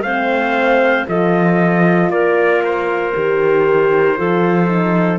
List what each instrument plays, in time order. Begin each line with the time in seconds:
0.00 cello A3, horn C4, clarinet C5, trumpet F5
1.06 cello F3, horn F4, clarinet A4, trumpet D#5
2.09 cello A#3, clarinet A#4, trumpet D5
2.64 trumpet C5
3.14 cello D#3, horn G4
4.17 cello F3, horn F4, clarinet A4
4.67 horn D#4